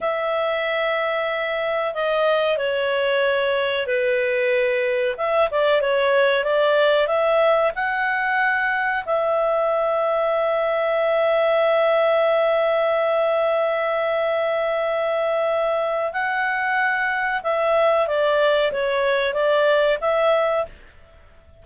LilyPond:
\new Staff \with { instrumentName = "clarinet" } { \time 4/4 \tempo 4 = 93 e''2. dis''4 | cis''2 b'2 | e''8 d''8 cis''4 d''4 e''4 | fis''2 e''2~ |
e''1~ | e''1~ | e''4 fis''2 e''4 | d''4 cis''4 d''4 e''4 | }